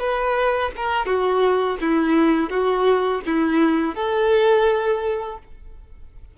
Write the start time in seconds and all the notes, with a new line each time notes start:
0.00 B4
0.77 A#4
1.06 F#4
1.81 E4
2.50 F#4
3.26 E4
3.95 A4